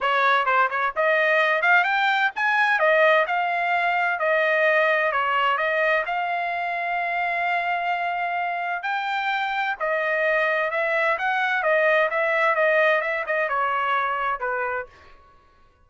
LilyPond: \new Staff \with { instrumentName = "trumpet" } { \time 4/4 \tempo 4 = 129 cis''4 c''8 cis''8 dis''4. f''8 | g''4 gis''4 dis''4 f''4~ | f''4 dis''2 cis''4 | dis''4 f''2.~ |
f''2. g''4~ | g''4 dis''2 e''4 | fis''4 dis''4 e''4 dis''4 | e''8 dis''8 cis''2 b'4 | }